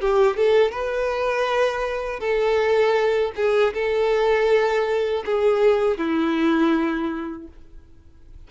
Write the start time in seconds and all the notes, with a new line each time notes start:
0.00 G4
0.36 A4
0.71 B4
2.20 A4
3.35 G#4
3.74 A4
5.25 G#4
5.98 E4